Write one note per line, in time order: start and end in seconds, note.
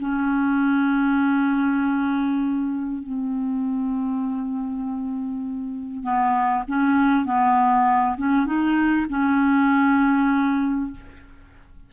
0.00 3.03 C#4
3.03 6.03 C4
6.03 6.64 B3
6.68 7.25 C#4
7.25 8.16 B3
8.18 8.46 C#4
8.46 9.07 D#4
9.10 10.91 C#4